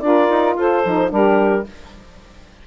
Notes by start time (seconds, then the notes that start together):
0.00 D4 F4 A#4 D5
0.29 D#4
0.56 F4 A4 C5
0.85 F3 D#4
1.10 G3 D4 G4 A#4